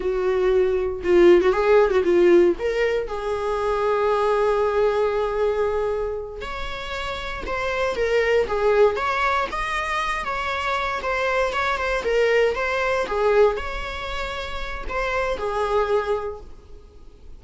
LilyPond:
\new Staff \with { instrumentName = "viola" } { \time 4/4 \tempo 4 = 117 fis'2 f'8. fis'16 gis'8. fis'16 | f'4 ais'4 gis'2~ | gis'1~ | gis'8 cis''2 c''4 ais'8~ |
ais'8 gis'4 cis''4 dis''4. | cis''4. c''4 cis''8 c''8 ais'8~ | ais'8 c''4 gis'4 cis''4.~ | cis''4 c''4 gis'2 | }